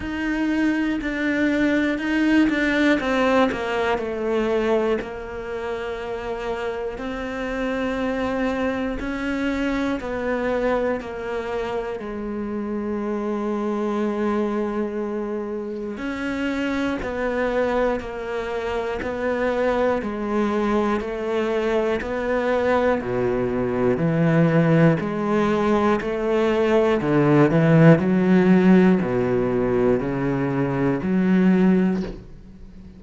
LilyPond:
\new Staff \with { instrumentName = "cello" } { \time 4/4 \tempo 4 = 60 dis'4 d'4 dis'8 d'8 c'8 ais8 | a4 ais2 c'4~ | c'4 cis'4 b4 ais4 | gis1 |
cis'4 b4 ais4 b4 | gis4 a4 b4 b,4 | e4 gis4 a4 d8 e8 | fis4 b,4 cis4 fis4 | }